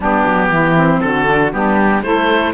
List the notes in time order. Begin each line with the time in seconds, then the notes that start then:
0.00 G3 B3 D4 G4
0.25 F#3
0.49 E3 E4
0.76 C4
1.00 D3 F#4 A4
1.25 D4
1.52 G3 B3 D4 G4
2.02 A3 E4 A4 C5